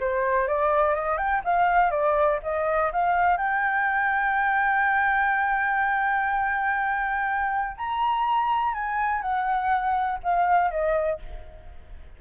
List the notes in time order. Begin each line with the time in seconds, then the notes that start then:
0.00 C5
0.48 D5
0.95 D#5
1.18 G5
1.45 F5
1.91 D5
2.43 D#5
2.92 F5
3.37 G5
7.77 A#5
8.74 G#5
9.22 F#5
10.23 F5
10.71 D#5